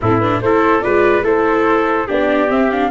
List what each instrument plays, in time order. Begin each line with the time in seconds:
0.01 tuba A2, viola C4, trumpet E4, flute A4
0.18 viola D4, flute B4
0.41 tuba A3, viola E4, trumpet A4, flute C5
0.81 tuba G#3, viola F4, trumpet B4, flute D5
1.22 tuba A3, viola E4, trumpet A4, flute C5
2.07 tuba B3, viola D4, trumpet G4, flute D5
2.47 viola C4, tuba C4, flute E5
2.71 viola D4, flute F5